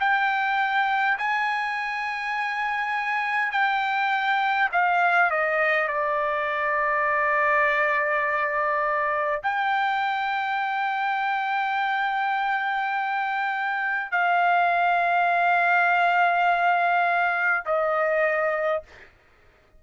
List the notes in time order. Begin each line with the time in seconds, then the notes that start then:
0.00 G5
1.19 G#5
3.52 G5
4.72 F5
5.31 D#5
5.88 D5
9.43 G5
14.12 F5
17.66 D#5